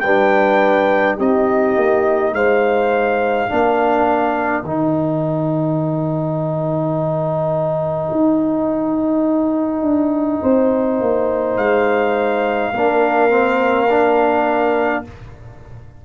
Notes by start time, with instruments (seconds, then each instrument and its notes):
0.00 tuba G3, trombone D4, horn B4, trumpet G5
1.17 tuba C4, trombone D#4, horn G4, trumpet D#5
1.76 tuba A#3
2.32 tuba G#3, horn C5, trumpet F5
3.48 tuba A#3, trombone D4, horn A#4
4.63 tuba D#3, trombone D#4, trumpet G5
8.11 tuba D#4
9.81 tuba D4
10.41 tuba C4, horn C5
11.00 tuba A#3
11.56 tuba G#3, trumpet F5
12.73 tuba A#3, trombone D4, horn A#4
13.29 trombone C4
13.89 trombone D4